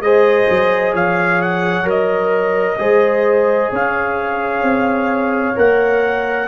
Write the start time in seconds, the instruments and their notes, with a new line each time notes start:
0.00 tuba G#3, trombone G#4, horn C5, trumpet D#5
0.49 tuba F#3
0.93 tuba F3, horn C#5, trumpet F5
1.41 trumpet F#5
1.83 tuba F#3, trombone A#4, trumpet D#5
2.77 tuba G#3, trombone G#4, horn C5
3.71 tuba C#4, horn C#5, trumpet F5
4.62 tuba C4
5.55 tuba A#3, trombone A#4, trumpet F#5